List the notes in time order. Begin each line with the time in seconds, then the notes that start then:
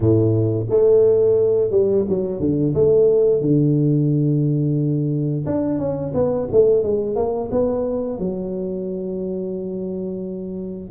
0.00 A2
0.69 A3
1.70 G3
2.09 F#3
2.40 D3
2.74 A3
3.41 D3
5.46 D4
5.78 C#4
6.14 B3
6.51 A3
6.83 G#3
7.15 A#3
7.51 B3
8.18 F#3